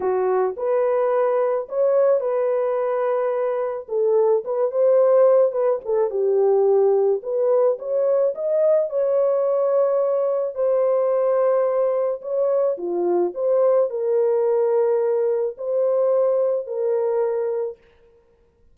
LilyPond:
\new Staff \with { instrumentName = "horn" } { \time 4/4 \tempo 4 = 108 fis'4 b'2 cis''4 | b'2. a'4 | b'8 c''4. b'8 a'8 g'4~ | g'4 b'4 cis''4 dis''4 |
cis''2. c''4~ | c''2 cis''4 f'4 | c''4 ais'2. | c''2 ais'2 | }